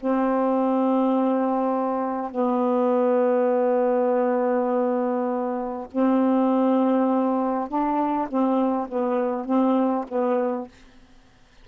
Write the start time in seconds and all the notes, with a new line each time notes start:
0.00 C4
2.31 B3
5.92 C4
7.68 D4
8.28 C4
8.88 B3
9.45 C4
10.08 B3